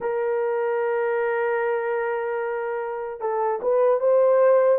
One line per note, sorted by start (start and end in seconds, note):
0.00 3.20 A#4
3.20 3.60 A4
3.61 4.00 B4
4.00 4.79 C5